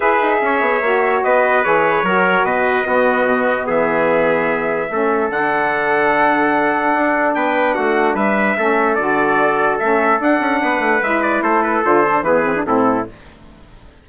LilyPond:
<<
  \new Staff \with { instrumentName = "trumpet" } { \time 4/4 \tempo 4 = 147 e''2. dis''4 | cis''2 dis''2~ | dis''4 e''2.~ | e''4 fis''2.~ |
fis''2 g''4 fis''4 | e''2 d''2 | e''4 fis''2 e''8 d''8 | c''8 b'8 c''4 b'4 a'4 | }
  \new Staff \with { instrumentName = "trumpet" } { \time 4/4 b'4 cis''2 b'4~ | b'4 ais'4 b'4 fis'4~ | fis'4 gis'2. | a'1~ |
a'2 b'4 fis'4 | b'4 a'2.~ | a'2 b'2 | a'2 gis'4 e'4 | }
  \new Staff \with { instrumentName = "saxophone" } { \time 4/4 gis'2 fis'2 | gis'4 fis'2 b4~ | b1 | cis'4 d'2.~ |
d'1~ | d'4 cis'4 fis'2 | cis'4 d'2 e'4~ | e'4 f'8 d'8 b8 c'16 d'16 c'4 | }
  \new Staff \with { instrumentName = "bassoon" } { \time 4/4 e'8 dis'8 cis'8 b8 ais4 b4 | e4 fis4 b,4 b4 | b,4 e2. | a4 d2.~ |
d4 d'4 b4 a4 | g4 a4 d2 | a4 d'8 cis'8 b8 a8 gis4 | a4 d4 e4 a,4 | }
>>